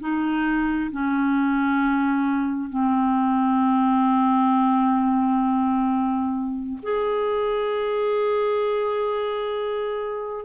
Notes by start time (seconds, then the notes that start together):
0.00 D#4
0.92 C#4
2.70 C4
6.83 G#4